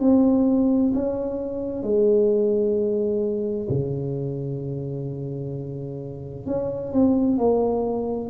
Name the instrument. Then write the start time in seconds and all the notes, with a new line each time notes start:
tuba
0.00 C4
0.94 C#4
1.83 G#3
3.69 C#3
6.46 C#4
6.92 C4
7.38 A#3